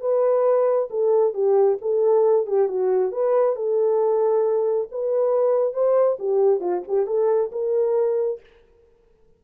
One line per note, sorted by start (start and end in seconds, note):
0.00 0.88 B4
0.90 1.34 A4
1.34 1.78 G4
1.81 2.46 A4
2.46 2.68 G4
2.68 3.12 F#4
3.12 3.56 B4
3.56 4.88 A4
4.91 5.73 B4
5.73 6.17 C5
6.19 6.60 G4
6.60 6.82 F4
6.88 7.07 G4
7.07 7.51 A4
7.52 8.40 A#4